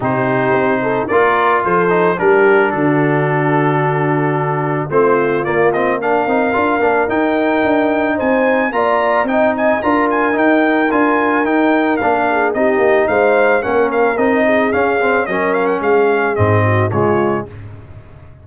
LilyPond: <<
  \new Staff \with { instrumentName = "trumpet" } { \time 4/4 \tempo 4 = 110 c''2 d''4 c''4 | ais'4 a'2.~ | a'4 c''4 d''8 dis''8 f''4~ | f''4 g''2 gis''4 |
ais''4 g''8 gis''8 ais''8 gis''8 g''4 | gis''4 g''4 f''4 dis''4 | f''4 fis''8 f''8 dis''4 f''4 | dis''8 f''16 fis''16 f''4 dis''4 cis''4 | }
  \new Staff \with { instrumentName = "horn" } { \time 4/4 g'4. a'8 ais'4 a'4 | g'4 fis'2.~ | fis'4 f'2 ais'4~ | ais'2. c''4 |
d''4 dis''4 ais'2~ | ais'2~ ais'8 gis'8 g'4 | c''4 ais'4. gis'4. | ais'4 gis'4. fis'8 f'4 | }
  \new Staff \with { instrumentName = "trombone" } { \time 4/4 dis'2 f'4. dis'8 | d'1~ | d'4 c'4 ais8 c'8 d'8 dis'8 | f'8 d'8 dis'2. |
f'4 dis'4 f'4 dis'4 | f'4 dis'4 d'4 dis'4~ | dis'4 cis'4 dis'4 cis'8 c'8 | cis'2 c'4 gis4 | }
  \new Staff \with { instrumentName = "tuba" } { \time 4/4 c4 c'4 ais4 f4 | g4 d2.~ | d4 a4 ais4. c'8 | d'8 ais8 dis'4 d'4 c'4 |
ais4 c'4 d'4 dis'4 | d'4 dis'4 ais4 c'8 ais8 | gis4 ais4 c'4 cis'4 | fis4 gis4 gis,4 cis4 | }
>>